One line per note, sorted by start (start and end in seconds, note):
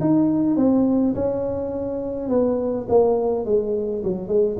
0.00 0.56 D#4
0.56 1.14 C4
1.14 2.29 C#4
2.29 2.87 B3
2.89 3.45 A#3
3.45 4.03 G#3
4.03 4.28 F#3
4.28 4.57 G#3